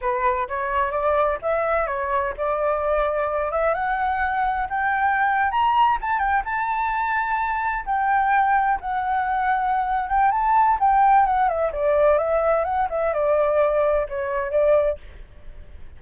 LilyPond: \new Staff \with { instrumentName = "flute" } { \time 4/4 \tempo 4 = 128 b'4 cis''4 d''4 e''4 | cis''4 d''2~ d''8 e''8 | fis''2 g''4.~ g''16 ais''16~ | ais''8. a''8 g''8 a''2~ a''16~ |
a''8. g''2 fis''4~ fis''16~ | fis''4. g''8 a''4 g''4 | fis''8 e''8 d''4 e''4 fis''8 e''8 | d''2 cis''4 d''4 | }